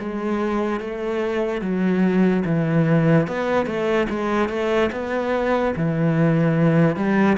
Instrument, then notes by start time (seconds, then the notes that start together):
cello
0.00 G#3
0.81 A3
1.62 F#3
2.46 E3
3.28 B3
3.67 A3
4.10 G#3
4.49 A3
4.92 B3
5.77 E3
6.96 G3